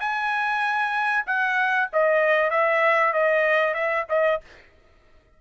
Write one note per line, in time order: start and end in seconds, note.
0.00 1.25 G#5
1.26 1.89 F#5
1.93 2.51 D#5
2.51 3.13 E5
3.13 3.74 D#5
3.74 4.05 E5
4.09 4.41 D#5